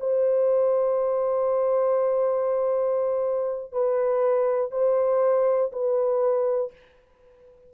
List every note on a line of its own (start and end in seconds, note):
0.00 3.72 C5
3.72 4.72 B4
4.72 5.72 C5
5.73 6.73 B4